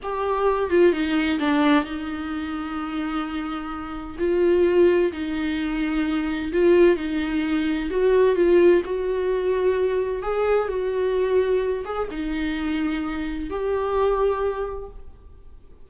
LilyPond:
\new Staff \with { instrumentName = "viola" } { \time 4/4 \tempo 4 = 129 g'4. f'8 dis'4 d'4 | dis'1~ | dis'4 f'2 dis'4~ | dis'2 f'4 dis'4~ |
dis'4 fis'4 f'4 fis'4~ | fis'2 gis'4 fis'4~ | fis'4. gis'8 dis'2~ | dis'4 g'2. | }